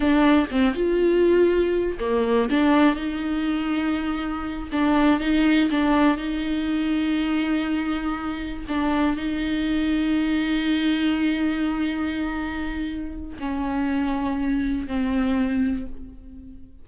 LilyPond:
\new Staff \with { instrumentName = "viola" } { \time 4/4 \tempo 4 = 121 d'4 c'8 f'2~ f'8 | ais4 d'4 dis'2~ | dis'4. d'4 dis'4 d'8~ | d'8 dis'2.~ dis'8~ |
dis'4. d'4 dis'4.~ | dis'1~ | dis'2. cis'4~ | cis'2 c'2 | }